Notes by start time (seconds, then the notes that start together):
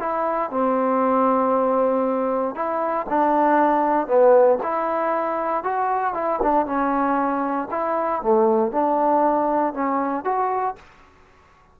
0.00 E4
0.51 C4
2.55 E4
3.10 D4
4.07 B3
4.63 E4
5.64 F#4
6.14 E4
6.42 D4
6.66 C#4
7.71 E4
8.22 A3
8.72 D4
9.74 C#4
10.24 F#4